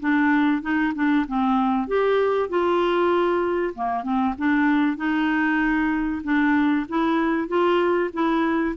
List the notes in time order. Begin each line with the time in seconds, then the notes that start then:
0.00 D4
0.62 D#4
0.95 D4
1.28 C4
1.88 G4
2.49 F4
3.75 A#3
4.03 C4
4.38 D4
4.97 D#4
6.24 D4
6.89 E4
7.48 F4
8.13 E4